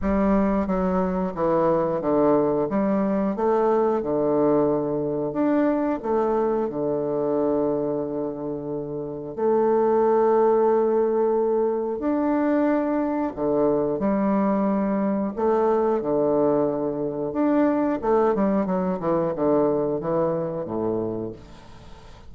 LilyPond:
\new Staff \with { instrumentName = "bassoon" } { \time 4/4 \tempo 4 = 90 g4 fis4 e4 d4 | g4 a4 d2 | d'4 a4 d2~ | d2 a2~ |
a2 d'2 | d4 g2 a4 | d2 d'4 a8 g8 | fis8 e8 d4 e4 a,4 | }